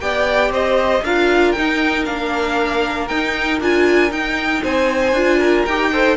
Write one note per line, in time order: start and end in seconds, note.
0.00 0.50 B3
0.00 1.03 G4
0.00 0.52 D5
0.00 0.51 G5
0.50 1.01 C4
0.50 1.03 C5
0.50 1.04 D#5
1.02 1.54 D4
1.02 1.56 F4
1.02 4.62 A#4
1.02 1.52 F5
1.52 2.05 D#4
1.52 2.07 D#4
1.52 2.03 G5
2.05 3.10 A#3
2.05 3.08 D4
2.05 3.07 F5
3.07 3.60 D#4
3.07 3.58 G5
3.60 4.11 D4
3.60 4.10 F4
3.60 4.12 G#5
4.10 5.12 D#4
4.10 4.62 D#4
4.10 4.63 G5
4.62 5.12 C4
4.62 5.38 C5
4.62 5.65 G#5
5.12 5.63 D4
5.12 5.67 F4
5.38 5.90 A#4
5.65 6.16 D#4
5.65 5.93 G4
5.65 6.16 G5
5.92 6.16 A4
5.92 6.16 C5